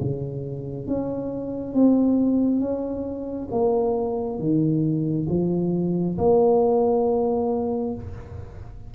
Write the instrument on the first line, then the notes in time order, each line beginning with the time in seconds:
tuba
0.00 C#3
0.87 C#4
1.74 C4
2.60 C#4
3.51 A#3
4.39 D#3
5.29 F3
6.18 A#3